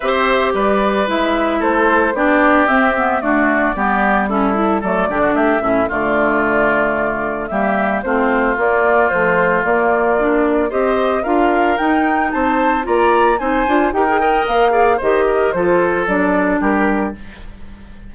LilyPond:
<<
  \new Staff \with { instrumentName = "flute" } { \time 4/4 \tempo 4 = 112 e''4 d''4 e''4 c''4 | d''4 e''4 d''2 | a'4 d''4 e''4 d''4~ | d''2 e''4 c''4 |
d''4 c''4 d''2 | dis''4 f''4 g''4 a''4 | ais''4 gis''4 g''4 f''4 | dis''4 c''4 d''4 ais'4 | }
  \new Staff \with { instrumentName = "oboe" } { \time 4/4 c''4 b'2 a'4 | g'2 fis'4 g'4 | e'4 a'8 g'16 fis'16 g'8 e'8 f'4~ | f'2 g'4 f'4~ |
f'1 | c''4 ais'2 c''4 | d''4 c''4 ais'8 dis''4 d''8 | c''8 ais'8 a'2 g'4 | }
  \new Staff \with { instrumentName = "clarinet" } { \time 4/4 g'2 e'2 | d'4 c'8 b8 a4 b4 | cis'8 e'8 a8 d'4 cis'8 a4~ | a2 ais4 c'4 |
ais4 f4 ais4 d'4 | g'4 f'4 dis'2 | f'4 dis'8 f'8 g'16 gis'16 ais'4 gis'8 | g'4 f'4 d'2 | }
  \new Staff \with { instrumentName = "bassoon" } { \time 4/4 c'4 g4 gis4 a4 | b4 c'4 d'4 g4~ | g4 fis8 d8 a8 a,8 d4~ | d2 g4 a4 |
ais4 a4 ais2 | c'4 d'4 dis'4 c'4 | ais4 c'8 d'8 dis'4 ais4 | dis4 f4 fis4 g4 | }
>>